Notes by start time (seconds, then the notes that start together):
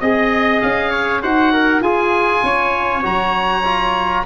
0.00 C4 G#4 D#5
0.61 C#4 F5
0.90 C#5
1.22 D#4 F#4 C5 F#5
1.53 A#4
1.80 F4 G#4 G#5
2.43 C#4 C#5
3.03 F#3 F#4 A#5
3.64 F4